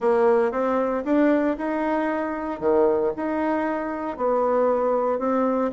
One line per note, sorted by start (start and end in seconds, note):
0.00 0.51 A#3
0.51 1.03 C4
1.04 1.57 D4
1.57 2.59 D#4
2.59 3.12 D#3
3.16 4.17 D#4
4.17 5.19 B3
5.19 5.71 C4